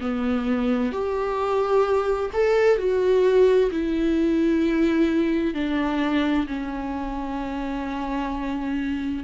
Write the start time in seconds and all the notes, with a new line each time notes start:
0.00 B3
0.92 G4
2.33 A4
2.78 F#4
3.71 E4
5.54 D4
6.47 C#4